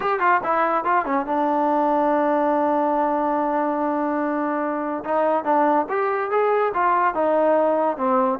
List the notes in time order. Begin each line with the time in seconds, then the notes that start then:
0.00 G4
0.19 F4
0.43 E4
0.84 F4
1.05 C#4
1.26 D4
5.04 D#4
5.44 D4
5.89 G4
6.30 G#4
6.73 F4
7.14 D#4
7.97 C4